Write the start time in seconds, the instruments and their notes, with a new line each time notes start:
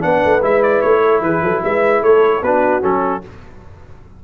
0.00 tuba B3, trombone D4, horn B4, trumpet F#5
0.24 tuba A3
0.42 tuba G#3, trombone E4, trumpet E5
0.63 trumpet D5
0.82 tuba A3, trumpet C#5
1.02 horn A4
1.21 tuba E3, horn G#4, trumpet B4
1.42 tuba F#3, horn A4
1.64 tuba G#3, horn B4, trumpet E5
2.02 tuba A3, horn A4, trumpet C#5
2.43 tuba B3, trombone D4, horn F#4, trumpet B4
2.82 tuba F#3, trombone C#4, trumpet A4